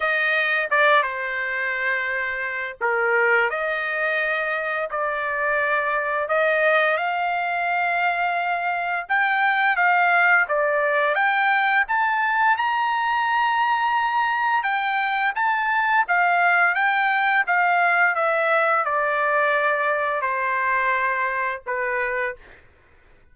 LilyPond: \new Staff \with { instrumentName = "trumpet" } { \time 4/4 \tempo 4 = 86 dis''4 d''8 c''2~ c''8 | ais'4 dis''2 d''4~ | d''4 dis''4 f''2~ | f''4 g''4 f''4 d''4 |
g''4 a''4 ais''2~ | ais''4 g''4 a''4 f''4 | g''4 f''4 e''4 d''4~ | d''4 c''2 b'4 | }